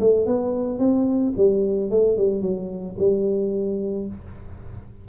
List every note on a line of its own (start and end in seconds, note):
0.00 0.26 A3
0.26 0.79 B3
0.79 1.33 C4
1.37 1.91 G3
1.91 2.17 A3
2.17 2.42 G3
2.42 2.96 F#3
2.98 4.07 G3